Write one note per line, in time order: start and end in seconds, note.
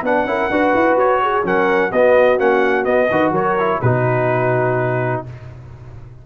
0.00 0.25 B3
0.00 0.26 D4
0.00 0.24 B4
0.00 0.98 F#5
0.25 0.49 C#4
0.25 0.50 E4
0.25 0.51 A#4
0.50 0.74 D4
0.50 1.43 F#4
0.50 1.22 B4
0.74 0.95 E4
0.95 1.42 F#4
0.95 1.45 C#5
1.22 1.45 G#4
1.43 1.91 F#3
1.43 1.90 C#4
1.43 1.90 A#4
1.43 1.92 F#5
1.90 2.39 B3
1.90 2.38 B3
1.90 3.08 F#4
1.90 2.39 D#5
2.38 2.86 A#3
2.38 2.84 C#4
2.38 2.85 F#5
2.84 3.08 B3
2.84 3.10 B3
2.84 3.32 D#5
3.10 3.31 D#3
3.10 3.58 F#4
3.10 3.32 B4
3.31 3.79 F#3
3.31 3.79 A#4
3.31 3.81 C#5
3.58 3.82 E4
3.81 5.24 B2
3.81 5.26 D#4
3.81 5.24 F#4
3.81 5.23 B4